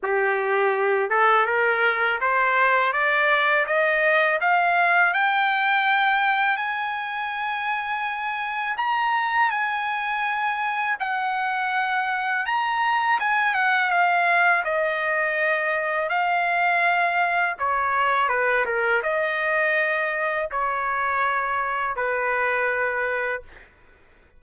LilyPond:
\new Staff \with { instrumentName = "trumpet" } { \time 4/4 \tempo 4 = 82 g'4. a'8 ais'4 c''4 | d''4 dis''4 f''4 g''4~ | g''4 gis''2. | ais''4 gis''2 fis''4~ |
fis''4 ais''4 gis''8 fis''8 f''4 | dis''2 f''2 | cis''4 b'8 ais'8 dis''2 | cis''2 b'2 | }